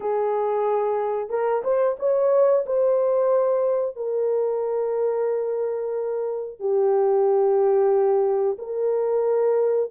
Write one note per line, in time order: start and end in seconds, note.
0.00 1.29 G#4
1.29 1.62 A#4
1.64 1.97 C5
1.99 2.65 C#5
2.66 3.96 C5
3.96 6.59 A#4
6.59 8.57 G4
8.58 9.90 A#4